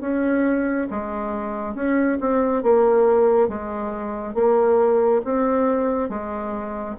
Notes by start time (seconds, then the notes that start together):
0.00 C#4
0.90 G#3
1.74 C#4
2.20 C4
2.62 A#3
3.48 G#3
4.34 A#3
5.24 C4
6.09 G#3